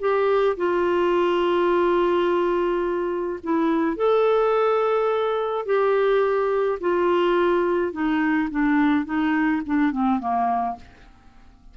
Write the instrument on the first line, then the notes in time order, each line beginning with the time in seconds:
clarinet
0.00 G4
0.57 F4
3.43 E4
3.97 A4
5.66 G4
6.81 F4
7.92 D#4
8.51 D4
9.05 D#4
9.66 D4
9.92 C4
10.20 A#3